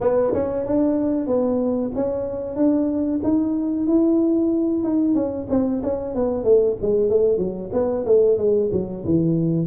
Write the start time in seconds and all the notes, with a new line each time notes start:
0.01 B3
0.33 C#4
0.66 D4
1.26 B3
1.95 C#4
2.56 D4
3.23 D#4
3.86 E4
4.83 D#4
5.14 C#4
5.49 C4
5.82 C#4
6.14 B3
6.44 A3
6.81 G#3
7.09 A3
7.37 F#3
7.72 B3
8.05 A3
8.37 G#3
8.72 F#3
9.04 E3